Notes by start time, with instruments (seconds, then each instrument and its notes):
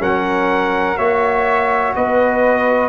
0.00 tuba F#3, trombone C#4, flute A#4, trumpet F#5
0.97 tuba A#3, trombone F#4, flute C#5, trumpet E5
1.95 tuba B3, flute B4, trumpet D#5